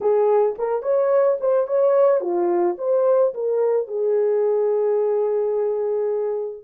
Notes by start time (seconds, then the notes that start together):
0.00 G#4
0.58 A#4
0.82 C#5
1.40 C5
1.67 C#5
2.20 F4
2.78 C5
3.33 A#4
3.87 G#4